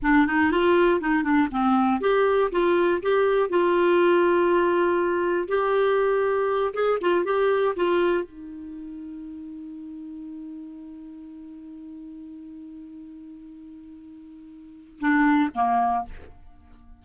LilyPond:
\new Staff \with { instrumentName = "clarinet" } { \time 4/4 \tempo 4 = 120 d'8 dis'8 f'4 dis'8 d'8 c'4 | g'4 f'4 g'4 f'4~ | f'2. g'4~ | g'4. gis'8 f'8 g'4 f'8~ |
f'8 dis'2.~ dis'8~ | dis'1~ | dis'1~ | dis'2 d'4 ais4 | }